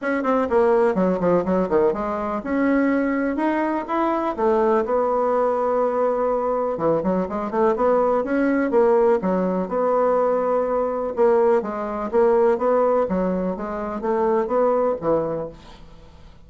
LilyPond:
\new Staff \with { instrumentName = "bassoon" } { \time 4/4 \tempo 4 = 124 cis'8 c'8 ais4 fis8 f8 fis8 dis8 | gis4 cis'2 dis'4 | e'4 a4 b2~ | b2 e8 fis8 gis8 a8 |
b4 cis'4 ais4 fis4 | b2. ais4 | gis4 ais4 b4 fis4 | gis4 a4 b4 e4 | }